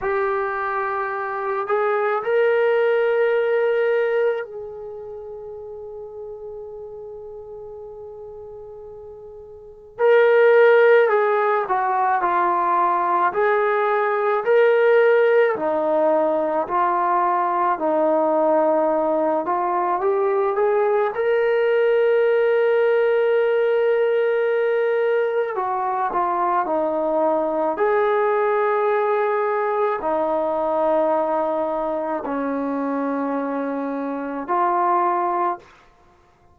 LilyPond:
\new Staff \with { instrumentName = "trombone" } { \time 4/4 \tempo 4 = 54 g'4. gis'8 ais'2 | gis'1~ | gis'4 ais'4 gis'8 fis'8 f'4 | gis'4 ais'4 dis'4 f'4 |
dis'4. f'8 g'8 gis'8 ais'4~ | ais'2. fis'8 f'8 | dis'4 gis'2 dis'4~ | dis'4 cis'2 f'4 | }